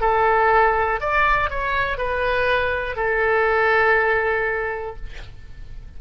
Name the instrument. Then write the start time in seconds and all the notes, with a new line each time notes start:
oboe
0.00 A4
1.00 D5
1.50 C#5
1.98 B4
2.95 A4